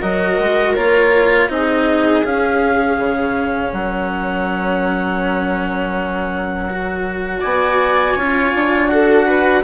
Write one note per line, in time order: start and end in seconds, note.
0.00 0.39 F#3
0.00 0.76 F#4
0.00 1.48 A#4
0.00 0.75 D#5
0.39 0.76 G#3
0.75 1.49 A#3
0.75 1.49 F4
0.75 1.50 C#5
1.49 2.23 C4
1.49 2.23 D#4
1.49 3.73 G#4
1.49 2.25 D#5
2.23 2.97 C#4
2.23 6.69 C#4
2.23 3.73 F5
2.98 3.72 C#3
3.72 7.42 F#3
3.72 7.40 A#4
3.72 7.42 F#5
6.69 8.17 F#4
7.40 8.16 B3
7.40 8.15 D5
7.40 8.88 G#5
8.16 8.53 C#4
8.16 8.89 F4
8.16 8.90 C#5
8.54 9.64 D4
8.88 9.63 F#4
8.88 9.26 A4
8.88 9.62 F#5
9.26 9.63 B4